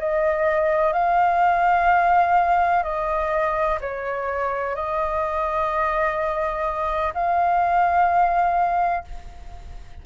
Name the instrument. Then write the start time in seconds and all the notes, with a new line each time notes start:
flute
0.00 D#5
0.93 F5
2.84 D#5
3.81 C#5
4.76 D#5
7.14 F5